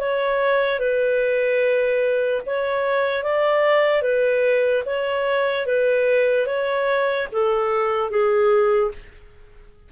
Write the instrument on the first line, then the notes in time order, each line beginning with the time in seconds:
clarinet
0.00 C#5
0.80 B4
2.47 C#5
3.24 D5
4.03 B4
4.86 C#5
5.67 B4
6.47 C#5
7.32 A4
8.11 G#4